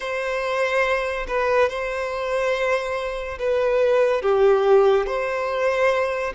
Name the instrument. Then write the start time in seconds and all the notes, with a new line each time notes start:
violin
0.00 C5
1.27 B4
1.69 C5
3.38 B4
4.22 G4
5.06 C5